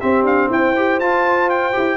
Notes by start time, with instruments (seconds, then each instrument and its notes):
0.00 trombone C4, tuba C4, horn G4, trumpet E5
0.23 tuba D4, trumpet F5
0.50 tuba E4, horn C5, trumpet G5
0.76 trombone G4
1.00 tuba F4, trombone F4, trumpet A5
1.50 trumpet G5
1.73 tuba E4, trombone G4